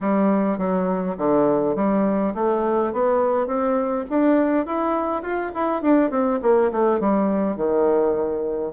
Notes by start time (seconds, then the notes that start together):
0.00 G3
0.58 F#3
1.17 D3
1.75 G3
2.34 A3
2.93 B3
3.46 C4
4.09 D4
4.65 E4
5.22 F4
5.54 E4
5.81 D4
6.10 C4
6.42 A#3
6.71 A3
7.00 G3
7.56 D#3